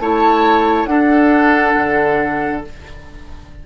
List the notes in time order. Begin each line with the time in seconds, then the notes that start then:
0.00 A3 E4 C#5 A5
0.86 D4 A4 F#5
1.76 D3